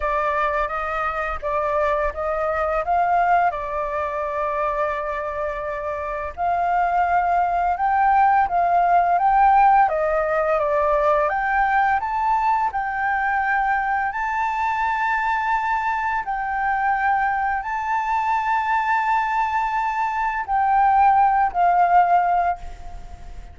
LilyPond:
\new Staff \with { instrumentName = "flute" } { \time 4/4 \tempo 4 = 85 d''4 dis''4 d''4 dis''4 | f''4 d''2.~ | d''4 f''2 g''4 | f''4 g''4 dis''4 d''4 |
g''4 a''4 g''2 | a''2. g''4~ | g''4 a''2.~ | a''4 g''4. f''4. | }